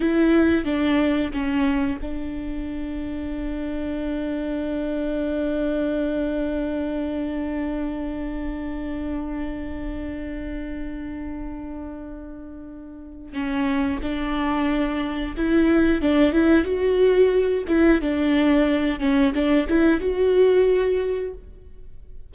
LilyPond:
\new Staff \with { instrumentName = "viola" } { \time 4/4 \tempo 4 = 90 e'4 d'4 cis'4 d'4~ | d'1~ | d'1~ | d'1~ |
d'1 | cis'4 d'2 e'4 | d'8 e'8 fis'4. e'8 d'4~ | d'8 cis'8 d'8 e'8 fis'2 | }